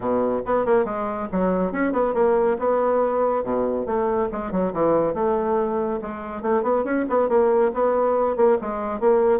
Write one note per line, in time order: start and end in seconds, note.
0.00 0.41 B2
0.45 0.65 B3
0.65 0.84 A#3
0.84 1.27 G#3
1.31 1.71 F#3
1.71 1.92 C#4
1.92 2.14 B3
2.14 2.57 A#3
2.59 3.43 B3
3.43 3.86 B2
3.86 4.29 A3
4.32 4.51 G#3
4.51 4.73 F#3
4.73 5.14 E3
5.14 5.99 A3
6.01 6.42 G#3
6.42 6.62 A3
6.62 6.84 B3
6.84 7.05 C#4
7.09 7.28 B3
7.28 7.71 A#3
7.73 8.36 B3
8.36 8.57 A#3
8.61 9.00 G#3
9.00 9.40 A#3